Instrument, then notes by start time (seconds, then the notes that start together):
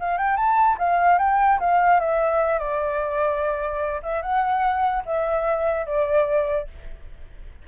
flute
0.00 F5
0.18 G5
0.36 A5
0.79 F5
1.19 G5
1.60 F5
2.00 E5
2.59 D5
4.03 E5
4.22 F#5
5.06 E5
5.87 D5